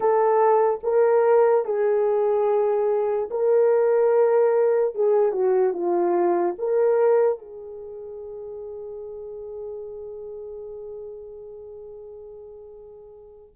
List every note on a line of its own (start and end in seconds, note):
0.00 0.80 A4
0.83 1.65 A#4
1.65 3.29 G#4
3.30 4.94 A#4
4.94 5.32 G#4
5.32 5.73 F#4
5.73 6.55 F4
6.58 7.38 A#4
7.38 13.55 G#4